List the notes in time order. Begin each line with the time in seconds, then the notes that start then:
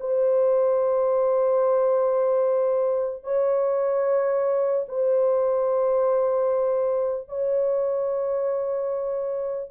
0.00 C5
3.24 C#5
4.88 C5
7.29 C#5